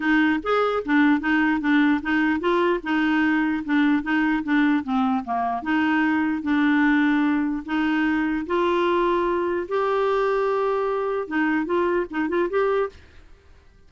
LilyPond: \new Staff \with { instrumentName = "clarinet" } { \time 4/4 \tempo 4 = 149 dis'4 gis'4 d'4 dis'4 | d'4 dis'4 f'4 dis'4~ | dis'4 d'4 dis'4 d'4 | c'4 ais4 dis'2 |
d'2. dis'4~ | dis'4 f'2. | g'1 | dis'4 f'4 dis'8 f'8 g'4 | }